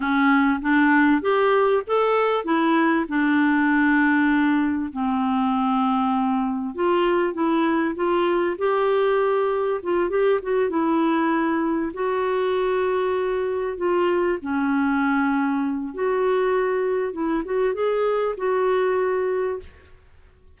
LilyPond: \new Staff \with { instrumentName = "clarinet" } { \time 4/4 \tempo 4 = 98 cis'4 d'4 g'4 a'4 | e'4 d'2. | c'2. f'4 | e'4 f'4 g'2 |
f'8 g'8 fis'8 e'2 fis'8~ | fis'2~ fis'8 f'4 cis'8~ | cis'2 fis'2 | e'8 fis'8 gis'4 fis'2 | }